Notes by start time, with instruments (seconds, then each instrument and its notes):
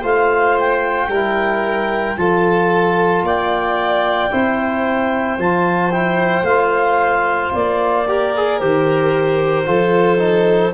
0.00 tuba A3, trombone F4, violin C5, clarinet F5
0.59 clarinet G5
1.08 tuba G3, trombone E4, violin A#4
2.17 tuba F3, trombone F4, violin A4, clarinet A5
3.22 tuba A#3, violin D5, clarinet G5
4.31 tuba C4, trombone E4, violin C5
5.38 tuba F3, trombone F4, clarinet A5
5.91 trombone E4, clarinet G5
6.43 tuba A3, trombone F4, clarinet F5
7.53 tuba A#3, clarinet D5
8.07 trombone G4, violin A#4
8.36 trombone G#4
8.59 tuba D#3, trombone G4, clarinet C5
9.65 tuba F3, trombone F4, violin A4
10.18 trombone D#4